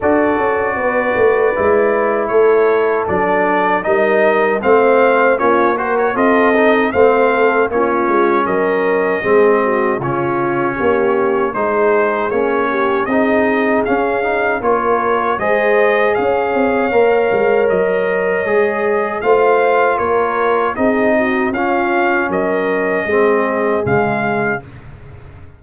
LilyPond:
<<
  \new Staff \with { instrumentName = "trumpet" } { \time 4/4 \tempo 4 = 78 d''2. cis''4 | d''4 dis''4 f''4 cis''8 c''16 cis''16 | dis''4 f''4 cis''4 dis''4~ | dis''4 cis''2 c''4 |
cis''4 dis''4 f''4 cis''4 | dis''4 f''2 dis''4~ | dis''4 f''4 cis''4 dis''4 | f''4 dis''2 f''4 | }
  \new Staff \with { instrumentName = "horn" } { \time 4/4 a'4 b'2 a'4~ | a'4 ais'4 c''4 f'8 ais'8 | a'4 c''8 a'8 f'4 ais'4 | gis'8 fis'8 f'4 g'4 gis'4~ |
gis'8 g'8 gis'2 ais'4 | c''4 cis''2.~ | cis''4 c''4 ais'4 gis'8 fis'8 | f'4 ais'4 gis'2 | }
  \new Staff \with { instrumentName = "trombone" } { \time 4/4 fis'2 e'2 | d'4 dis'4 c'4 cis'8 fis'8 | f'8 dis'8 c'4 cis'2 | c'4 cis'2 dis'4 |
cis'4 dis'4 cis'8 dis'8 f'4 | gis'2 ais'2 | gis'4 f'2 dis'4 | cis'2 c'4 gis4 | }
  \new Staff \with { instrumentName = "tuba" } { \time 4/4 d'8 cis'8 b8 a8 gis4 a4 | fis4 g4 a4 ais4 | c'4 a4 ais8 gis8 fis4 | gis4 cis4 ais4 gis4 |
ais4 c'4 cis'4 ais4 | gis4 cis'8 c'8 ais8 gis8 fis4 | gis4 a4 ais4 c'4 | cis'4 fis4 gis4 cis4 | }
>>